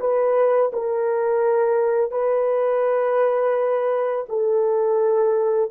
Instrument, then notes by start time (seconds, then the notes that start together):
horn
0.00 B4
0.73 A#4
2.11 B4
4.29 A4